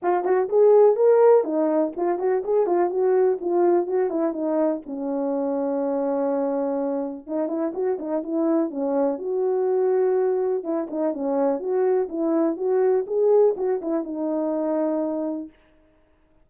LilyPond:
\new Staff \with { instrumentName = "horn" } { \time 4/4 \tempo 4 = 124 f'8 fis'8 gis'4 ais'4 dis'4 | f'8 fis'8 gis'8 f'8 fis'4 f'4 | fis'8 e'8 dis'4 cis'2~ | cis'2. dis'8 e'8 |
fis'8 dis'8 e'4 cis'4 fis'4~ | fis'2 e'8 dis'8 cis'4 | fis'4 e'4 fis'4 gis'4 | fis'8 e'8 dis'2. | }